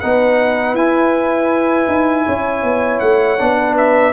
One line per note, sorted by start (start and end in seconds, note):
0.00 0.74 B3
0.00 0.77 D#4
0.00 2.25 B4
0.00 0.75 F#5
0.74 1.86 E4
0.74 3.38 E4
0.74 2.99 G#5
1.88 2.25 D#4
2.25 2.63 C#4
2.25 3.57 C#5
2.63 3.00 B3
2.99 3.39 A3
2.99 3.74 F#5
3.38 4.13 B3
3.38 4.13 D4
3.58 4.13 B4
3.77 4.13 E5